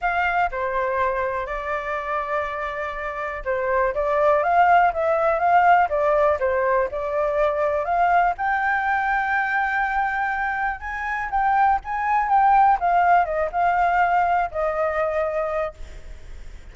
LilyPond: \new Staff \with { instrumentName = "flute" } { \time 4/4 \tempo 4 = 122 f''4 c''2 d''4~ | d''2. c''4 | d''4 f''4 e''4 f''4 | d''4 c''4 d''2 |
f''4 g''2.~ | g''2 gis''4 g''4 | gis''4 g''4 f''4 dis''8 f''8~ | f''4. dis''2~ dis''8 | }